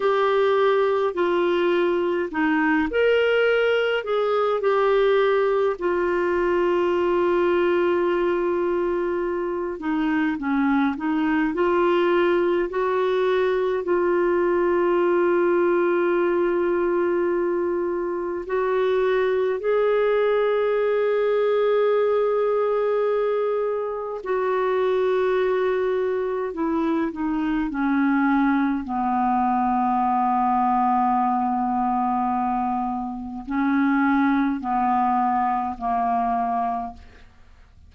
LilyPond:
\new Staff \with { instrumentName = "clarinet" } { \time 4/4 \tempo 4 = 52 g'4 f'4 dis'8 ais'4 gis'8 | g'4 f'2.~ | f'8 dis'8 cis'8 dis'8 f'4 fis'4 | f'1 |
fis'4 gis'2.~ | gis'4 fis'2 e'8 dis'8 | cis'4 b2.~ | b4 cis'4 b4 ais4 | }